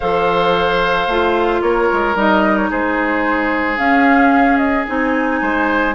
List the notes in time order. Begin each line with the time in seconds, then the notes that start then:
0.00 F3 A4 C5 F5
1.07 A3 F4
1.61 A#3 A#4 C#5
1.92 G#3
2.15 G3 D#4 D#5
2.57 C#5
2.69 G#3 G#4 C5
3.76 C#4 F5
4.57 D#5
4.87 C4 D#4 G#5
5.41 G#3 C5